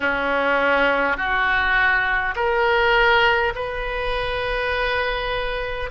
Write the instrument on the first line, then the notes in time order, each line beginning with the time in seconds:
oboe
0.00 C#4
1.17 F#4
2.35 A#4
3.55 B4